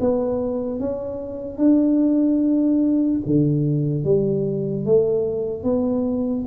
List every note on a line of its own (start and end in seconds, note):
0.00 0.80 B3
0.80 1.58 C#4
1.58 3.20 D4
3.26 4.04 D3
4.04 4.85 G3
4.85 5.64 A3
5.64 6.45 B3